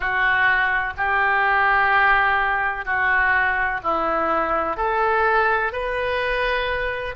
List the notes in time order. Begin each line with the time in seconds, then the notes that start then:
0.00 F#4
0.97 G4
2.85 F#4
3.83 E4
4.77 A4
5.72 B4